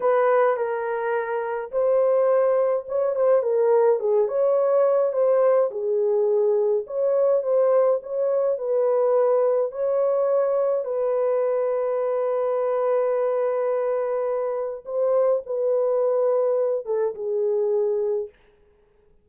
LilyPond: \new Staff \with { instrumentName = "horn" } { \time 4/4 \tempo 4 = 105 b'4 ais'2 c''4~ | c''4 cis''8 c''8 ais'4 gis'8 cis''8~ | cis''4 c''4 gis'2 | cis''4 c''4 cis''4 b'4~ |
b'4 cis''2 b'4~ | b'1~ | b'2 c''4 b'4~ | b'4. a'8 gis'2 | }